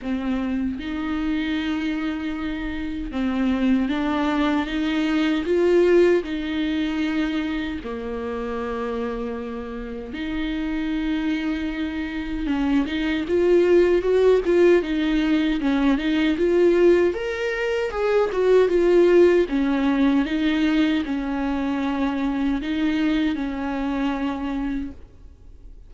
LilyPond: \new Staff \with { instrumentName = "viola" } { \time 4/4 \tempo 4 = 77 c'4 dis'2. | c'4 d'4 dis'4 f'4 | dis'2 ais2~ | ais4 dis'2. |
cis'8 dis'8 f'4 fis'8 f'8 dis'4 | cis'8 dis'8 f'4 ais'4 gis'8 fis'8 | f'4 cis'4 dis'4 cis'4~ | cis'4 dis'4 cis'2 | }